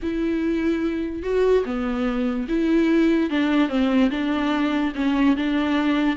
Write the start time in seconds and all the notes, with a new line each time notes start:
0.02 E4
1.23 F#4
1.65 B3
2.48 E4
3.30 D4
3.69 C4
4.10 D4
4.95 C#4
5.36 D4